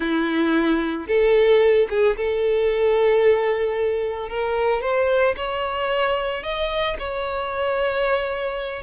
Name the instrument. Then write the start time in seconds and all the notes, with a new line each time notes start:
violin
0.00 E4
1.07 A4
1.89 G#4
2.16 A4
4.29 A#4
4.81 C5
5.36 C#5
6.43 D#5
6.99 C#5